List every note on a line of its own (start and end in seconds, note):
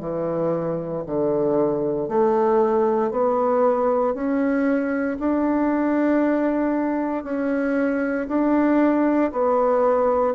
0.00 1.03 E3
1.06 2.08 D3
2.08 3.11 A3
3.11 4.14 B3
4.14 5.18 C#4
5.20 7.24 D4
7.24 8.28 C#4
8.28 9.32 D4
9.32 10.34 B3